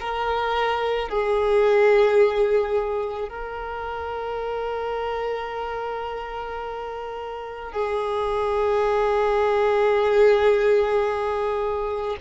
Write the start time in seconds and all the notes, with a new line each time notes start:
0.00 A#4
1.09 G#4
3.29 A#4
7.72 G#4